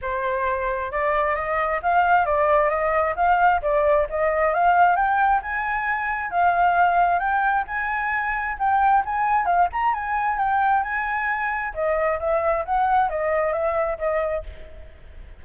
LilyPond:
\new Staff \with { instrumentName = "flute" } { \time 4/4 \tempo 4 = 133 c''2 d''4 dis''4 | f''4 d''4 dis''4 f''4 | d''4 dis''4 f''4 g''4 | gis''2 f''2 |
g''4 gis''2 g''4 | gis''4 f''8 ais''8 gis''4 g''4 | gis''2 dis''4 e''4 | fis''4 dis''4 e''4 dis''4 | }